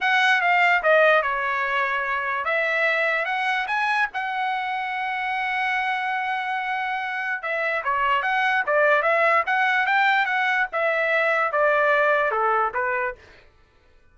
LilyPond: \new Staff \with { instrumentName = "trumpet" } { \time 4/4 \tempo 4 = 146 fis''4 f''4 dis''4 cis''4~ | cis''2 e''2 | fis''4 gis''4 fis''2~ | fis''1~ |
fis''2 e''4 cis''4 | fis''4 d''4 e''4 fis''4 | g''4 fis''4 e''2 | d''2 a'4 b'4 | }